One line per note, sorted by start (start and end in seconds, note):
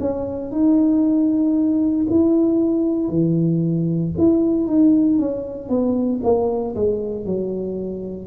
0.00 0.51 C#4
0.51 2.06 D#4
2.10 3.09 E4
3.09 4.12 E3
4.18 4.67 E4
4.67 5.19 D#4
5.19 5.69 C#4
5.69 6.21 B3
6.24 6.75 A#3
6.75 7.25 G#3
7.25 8.27 F#3